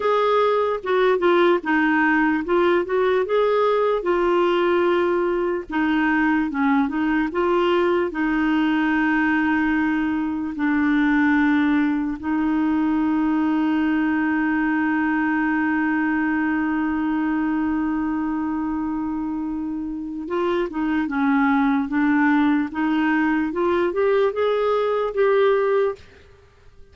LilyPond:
\new Staff \with { instrumentName = "clarinet" } { \time 4/4 \tempo 4 = 74 gis'4 fis'8 f'8 dis'4 f'8 fis'8 | gis'4 f'2 dis'4 | cis'8 dis'8 f'4 dis'2~ | dis'4 d'2 dis'4~ |
dis'1~ | dis'1~ | dis'4 f'8 dis'8 cis'4 d'4 | dis'4 f'8 g'8 gis'4 g'4 | }